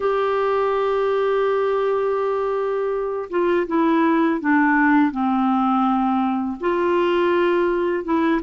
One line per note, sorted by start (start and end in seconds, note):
0.00 3.29 G4
3.30 3.66 F4
3.67 4.40 E4
4.40 5.11 D4
5.11 6.57 C4
6.60 8.04 F4
8.04 8.40 E4